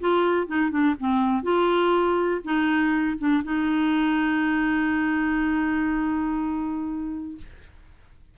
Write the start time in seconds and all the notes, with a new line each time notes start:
0.00 F4
0.47 D#4
0.71 D4
0.99 C4
1.43 F4
2.44 D#4
3.18 D4
3.44 D#4